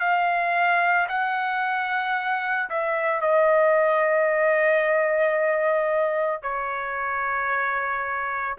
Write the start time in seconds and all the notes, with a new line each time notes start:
0.00 F5
1.08 F#5
2.69 E5
3.21 D#5
6.42 C#5